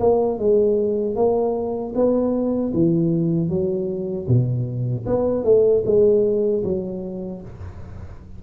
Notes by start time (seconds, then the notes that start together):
0.00 A#3
0.39 G#3
1.15 A#3
1.95 B3
2.73 E3
3.49 F#3
4.28 B2
5.06 B3
5.44 A3
5.85 G#3
6.64 F#3